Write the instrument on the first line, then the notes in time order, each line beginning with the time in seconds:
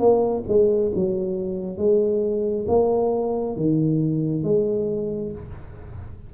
tuba
0.00 A#3
0.48 G#3
0.95 F#3
1.78 G#3
2.68 A#3
3.57 D#3
4.44 G#3